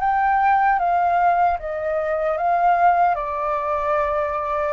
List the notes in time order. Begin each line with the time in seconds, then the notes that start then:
0.00 G5
0.79 F5
1.59 D#5
2.37 F5
3.15 D5